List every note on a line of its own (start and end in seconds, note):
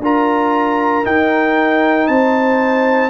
0.00 1.03 D4
0.00 1.04 F4
0.00 2.07 A#4
0.00 1.06 A#5
1.04 3.10 D#4
1.04 2.08 D#4
1.04 2.07 G5
2.07 3.10 C4
2.07 3.10 C5
2.07 3.10 A5